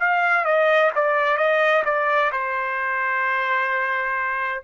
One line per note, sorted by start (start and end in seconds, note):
0.00 0.44 F5
0.44 0.91 D#5
0.95 1.37 D5
1.37 1.83 D#5
1.85 2.31 D5
2.32 4.63 C5